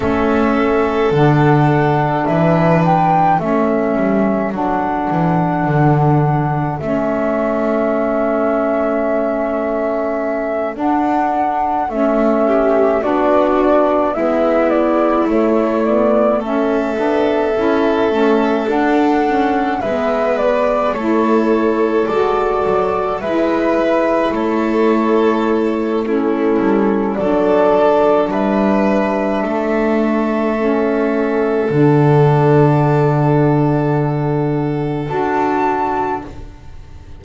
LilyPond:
<<
  \new Staff \with { instrumentName = "flute" } { \time 4/4 \tempo 4 = 53 e''4 fis''4 e''8 g''8 e''4 | fis''2 e''2~ | e''4. fis''4 e''4 d''8~ | d''8 e''8 d''8 cis''8 d''8 e''4.~ |
e''8 fis''4 e''8 d''8 cis''4 d''8~ | d''8 e''4 cis''4. a'4 | d''4 e''2. | fis''2. a''4 | }
  \new Staff \with { instrumentName = "violin" } { \time 4/4 a'2 b'4 a'4~ | a'1~ | a'2. g'8 fis'8~ | fis'8 e'2 a'4.~ |
a'4. b'4 a'4.~ | a'8 b'4 a'4. e'4 | a'4 b'4 a'2~ | a'1 | }
  \new Staff \with { instrumentName = "saxophone" } { \time 4/4 cis'4 d'2 cis'4 | d'2 cis'2~ | cis'4. d'4 cis'4 d'8~ | d'8 b4 a8 b8 cis'8 d'8 e'8 |
cis'8 d'8 cis'8 b4 e'4 fis'8~ | fis'8 e'2~ e'8 cis'4 | d'2. cis'4 | d'2. fis'4 | }
  \new Staff \with { instrumentName = "double bass" } { \time 4/4 a4 d4 e4 a8 g8 | fis8 e8 d4 a2~ | a4. d'4 a4 b8~ | b8 gis4 a4. b8 cis'8 |
a8 d'4 gis4 a4 gis8 | fis8 gis4 a2 g8 | fis4 g4 a2 | d2. d'4 | }
>>